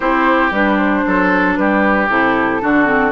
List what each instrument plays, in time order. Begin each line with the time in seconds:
0.00 bassoon C4, clarinet E4, oboe G4, flute C5
0.51 bassoon G3, clarinet D4, flute B4
0.76 flute C5
1.06 bassoon F#3, oboe A4
1.55 bassoon G3, oboe G4, flute B4
2.08 bassoon C3, clarinet E4, flute A4
2.61 bassoon D3, clarinet D4, oboe F#4
2.85 clarinet C4